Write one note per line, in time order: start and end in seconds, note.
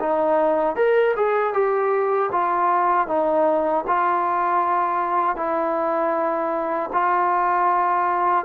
0.00 0.76 D#4
0.76 1.15 A#4
1.16 1.53 G#4
1.53 2.30 G4
2.32 3.08 F4
3.08 3.85 D#4
3.87 5.36 F4
5.36 6.90 E4
6.93 8.45 F4